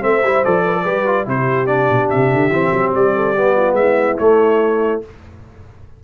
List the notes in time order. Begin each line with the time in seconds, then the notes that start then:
0.00 A3 C4 C5 E5
0.22 G3 E4
0.44 F3 A4 D5
0.64 B4
0.74 A4
0.83 G3 G4 B4
1.05 F4
1.25 C3 E4 G4 C5
1.66 D4 D5
1.89 B2
2.09 C3 E5
2.33 D3
2.50 E3 C4
2.72 F#3
2.94 G3 D5
3.14 A4
3.34 B3 G4
3.56 F4
3.72 G#3 E5
3.78 E4
4.18 A3 C#5